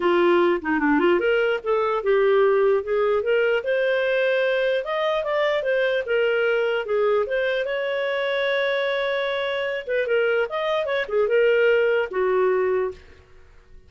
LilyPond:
\new Staff \with { instrumentName = "clarinet" } { \time 4/4 \tempo 4 = 149 f'4. dis'8 d'8 f'8 ais'4 | a'4 g'2 gis'4 | ais'4 c''2. | dis''4 d''4 c''4 ais'4~ |
ais'4 gis'4 c''4 cis''4~ | cis''1~ | cis''8 b'8 ais'4 dis''4 cis''8 gis'8 | ais'2 fis'2 | }